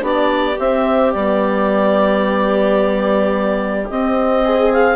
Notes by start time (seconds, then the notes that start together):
0.00 B3 D4 G4 D5
0.59 C4 E5
1.12 G3 B3 D5
3.90 C4 D#5
4.45 G#4
4.73 F5